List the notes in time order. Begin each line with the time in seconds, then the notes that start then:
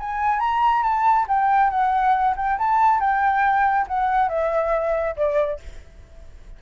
0.00 G#5
0.40 A#5
0.83 A5
1.28 G5
1.70 F#5
2.37 G5
2.59 A5
3.00 G5
3.88 F#5
4.29 E5
5.17 D5